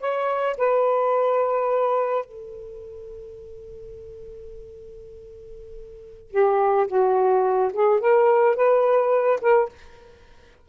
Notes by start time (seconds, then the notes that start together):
0.00 C#5
0.57 B4
2.25 A4
6.31 G4
6.87 F#4
7.73 G#4
8.00 A#4
8.56 B4
9.41 A#4